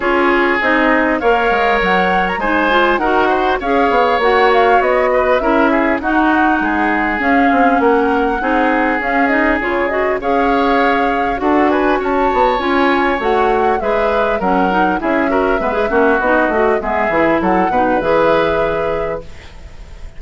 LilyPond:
<<
  \new Staff \with { instrumentName = "flute" } { \time 4/4 \tempo 4 = 100 cis''4 dis''4 f''4 fis''8. ais''16 | gis''4 fis''4 f''4 fis''8 f''8 | dis''4 e''4 fis''2 | f''4 fis''2 f''8 dis''8 |
cis''8 dis''8 f''2 fis''8 gis''8 | a''4 gis''4 fis''4 e''4 | fis''4 e''2 dis''4 | e''4 fis''4 e''2 | }
  \new Staff \with { instrumentName = "oboe" } { \time 4/4 gis'2 cis''2 | c''4 ais'8 c''8 cis''2~ | cis''8 b'8 ais'8 gis'8 fis'4 gis'4~ | gis'4 ais'4 gis'2~ |
gis'4 cis''2 a'8 b'8 | cis''2. b'4 | ais'4 gis'8 ais'8 b'8 fis'4. | gis'4 a'8 b'2~ b'8 | }
  \new Staff \with { instrumentName = "clarinet" } { \time 4/4 f'4 dis'4 ais'2 | dis'8 f'8 fis'4 gis'4 fis'4~ | fis'4 e'4 dis'2 | cis'2 dis'4 cis'8 dis'8 |
f'8 fis'8 gis'2 fis'4~ | fis'4 f'4 fis'4 gis'4 | cis'8 dis'8 e'8 fis'8 b16 gis'16 cis'8 dis'8 fis'8 | b8 e'4 dis'8 gis'2 | }
  \new Staff \with { instrumentName = "bassoon" } { \time 4/4 cis'4 c'4 ais8 gis8 fis4 | gis4 dis'4 cis'8 b8 ais4 | b4 cis'4 dis'4 gis4 | cis'8 c'8 ais4 c'4 cis'4 |
cis4 cis'2 d'4 | cis'8 b8 cis'4 a4 gis4 | fis4 cis'4 gis8 ais8 b8 a8 | gis8 e8 fis8 b,8 e2 | }
>>